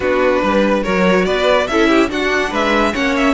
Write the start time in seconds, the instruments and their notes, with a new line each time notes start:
0.00 cello B3, viola D4, violin F#4 B4
0.42 cello G3, violin B4
0.83 cello F#3, viola F#4, violin A#4 C#5
1.25 cello B3, violin B4 D5
1.67 cello C#4, viola E4, violin A4 E5
1.88 violin G4
2.08 viola D4, cello D4, violin F#4 F#5
2.50 cello G#3, violin B4 E5
2.92 cello A#3, viola C#4, violin C#5 F#5
3.15 violin E5